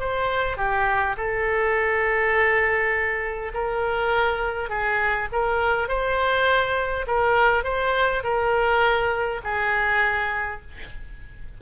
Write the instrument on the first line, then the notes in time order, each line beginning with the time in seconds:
oboe
0.00 C5
0.57 G4
1.17 A4
3.54 A#4
4.70 G#4
5.32 A#4
5.88 C5
7.07 A#4
7.64 C5
8.24 A#4
9.44 G#4